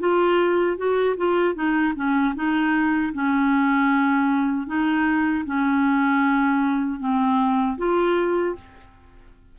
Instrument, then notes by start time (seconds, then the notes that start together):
clarinet
0.00 F4
0.78 F#4
1.17 F4
1.55 D#4
1.96 C#4
2.35 D#4
3.14 C#4
4.67 D#4
5.46 C#4
7.00 C4
7.78 F4